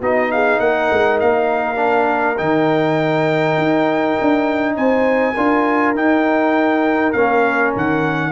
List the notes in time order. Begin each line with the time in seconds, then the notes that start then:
0.00 B3 D#4 F#4 D#5
0.31 G#4 F5
0.59 A#3 A#4 F#5
0.92 G#3
1.20 A#3 F5
1.76 D4
2.38 D#3 D#4 G5
3.57 D#4
4.21 D4
4.76 C4 C5 G#5
5.34 D4 F4 A#4
5.95 D#4 G5
7.12 A#3 C#4 F5
7.76 D#3 F#5